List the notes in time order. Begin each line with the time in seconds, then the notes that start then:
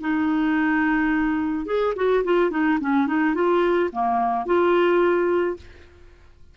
0.00 D#4
1.66 G#4
1.96 F#4
2.24 F4
2.50 D#4
2.80 C#4
3.07 D#4
3.34 F4
3.92 A#3
4.45 F4